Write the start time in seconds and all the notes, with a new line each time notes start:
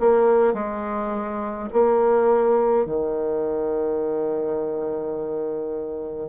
0.00 A#3
0.53 G#3
1.73 A#3
2.85 D#3